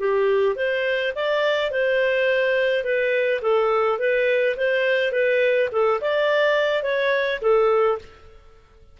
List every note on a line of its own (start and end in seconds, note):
0.00 0.56 G4
0.56 1.13 C5
1.15 1.71 D5
1.71 2.84 C5
2.84 3.41 B4
3.42 3.99 A4
3.99 4.56 B4
4.57 5.12 C5
5.12 5.69 B4
5.72 6.01 A4
6.01 6.83 D5
6.83 7.40 C#5
7.42 7.99 A4